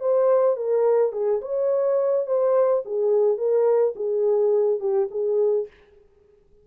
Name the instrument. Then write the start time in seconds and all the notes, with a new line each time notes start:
horn
0.00 C5
0.56 A#4
1.12 G#4
1.42 C#5
2.26 C5
2.85 G#4
3.38 A#4
3.95 G#4
4.80 G4
5.11 G#4